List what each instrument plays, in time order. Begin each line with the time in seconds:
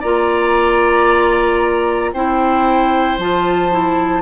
0.00 bassoon A#3, clarinet F4, oboe D5, flute A#5
2.13 bassoon C4, clarinet E4, oboe C5, flute G5
3.18 bassoon F3, clarinet F4, flute A5
3.71 clarinet E4